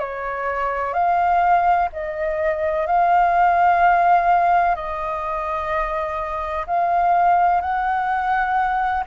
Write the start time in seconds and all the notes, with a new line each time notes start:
0.00 C#5
0.94 F5
1.93 D#5
2.87 F5
4.76 D#5
6.67 F5
7.61 F#5